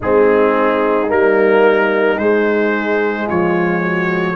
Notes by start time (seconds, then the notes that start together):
0.00 G#3 C4 D#4 G#4
1.07 G3 A#3 A#4
2.18 G#3 C5
3.26 F3 F4 C#5
3.81 F#4